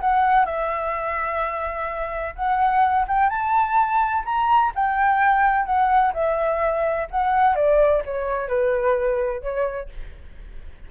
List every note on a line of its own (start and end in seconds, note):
0.00 0.45 F#5
0.45 2.34 E5
2.35 3.06 F#5
3.08 3.29 G5
3.29 4.23 A5
4.25 4.72 A#5
4.75 5.65 G5
5.65 6.12 F#5
6.13 7.08 E5
7.10 7.55 F#5
7.55 8.02 D5
8.04 8.48 C#5
8.48 9.41 B4
9.41 9.88 C#5